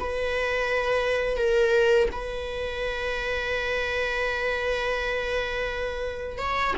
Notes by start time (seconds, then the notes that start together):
0.00 B4
1.38 A#4
2.12 B4
6.39 C#5